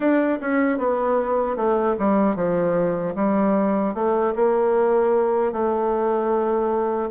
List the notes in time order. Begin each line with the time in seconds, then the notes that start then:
0.00 D4
0.41 C#4
0.78 B3
1.56 A3
1.98 G3
2.35 F3
3.15 G3
3.94 A3
4.35 A#3
5.52 A3